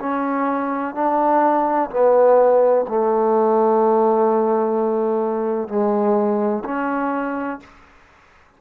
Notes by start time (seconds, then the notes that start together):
0.00 C#4
0.95 D4
1.90 B3
2.88 A3
5.68 G#3
6.65 C#4